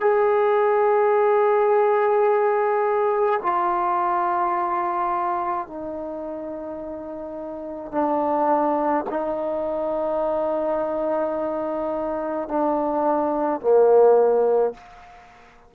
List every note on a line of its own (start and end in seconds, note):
0.00 3.40 G#4
3.42 5.67 F4
5.67 7.91 D#4
7.91 9.05 D4
9.09 12.48 D#4
12.48 13.61 D4
13.61 14.74 A#3